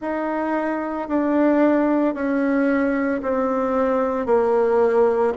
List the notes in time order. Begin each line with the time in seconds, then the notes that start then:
0.00 D#4
1.08 D4
2.14 C#4
3.22 C4
4.26 A#3